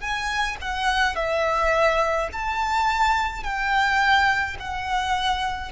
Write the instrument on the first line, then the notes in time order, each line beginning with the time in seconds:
violin
0.00 G#5
0.61 F#5
1.15 E5
2.32 A5
3.43 G5
4.60 F#5